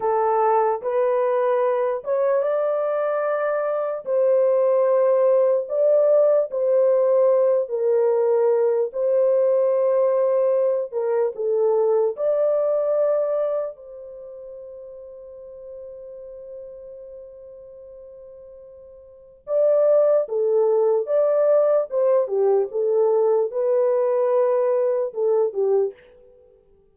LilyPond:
\new Staff \with { instrumentName = "horn" } { \time 4/4 \tempo 4 = 74 a'4 b'4. cis''8 d''4~ | d''4 c''2 d''4 | c''4. ais'4. c''4~ | c''4. ais'8 a'4 d''4~ |
d''4 c''2.~ | c''1 | d''4 a'4 d''4 c''8 g'8 | a'4 b'2 a'8 g'8 | }